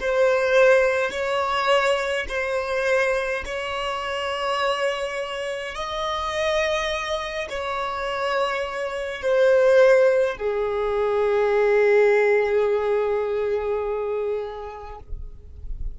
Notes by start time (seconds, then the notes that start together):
0.00 C5
1.11 C#5
2.28 C5
3.45 C#5
5.74 D#5
7.49 C#5
9.22 C5
10.37 G#4